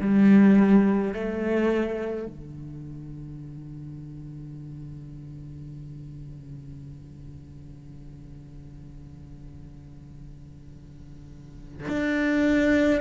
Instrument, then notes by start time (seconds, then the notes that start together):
cello
0.00 G3
1.13 A3
2.26 D3
11.88 D4